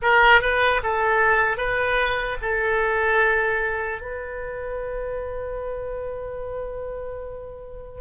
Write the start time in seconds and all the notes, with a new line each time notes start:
0.01 A#4
0.41 B4
0.83 A4
1.57 B4
2.41 A4
4.01 B4